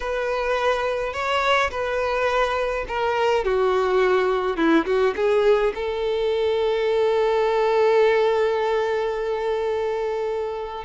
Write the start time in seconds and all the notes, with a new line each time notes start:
0.00 B4
1.13 C#5
1.71 B4
2.88 A#4
3.44 F#4
4.56 E4
4.85 F#4
5.16 G#4
5.74 A4